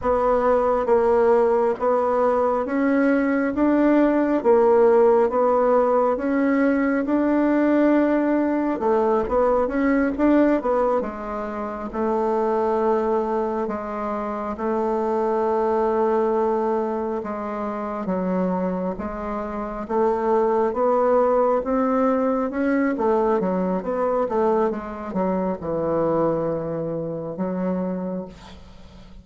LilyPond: \new Staff \with { instrumentName = "bassoon" } { \time 4/4 \tempo 4 = 68 b4 ais4 b4 cis'4 | d'4 ais4 b4 cis'4 | d'2 a8 b8 cis'8 d'8 | b8 gis4 a2 gis8~ |
gis8 a2. gis8~ | gis8 fis4 gis4 a4 b8~ | b8 c'4 cis'8 a8 fis8 b8 a8 | gis8 fis8 e2 fis4 | }